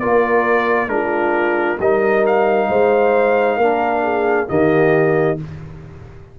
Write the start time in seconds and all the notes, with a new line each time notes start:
0.00 A#3 F4 A#4 D5
0.88 G#3 D4 F4 A#4
1.79 G3 D#4 A#4 D#5
2.27 F5
2.69 G#3 C5
3.58 A#3 D4 A#4
4.04 G#4
4.48 D#3 A#3 G4 D#5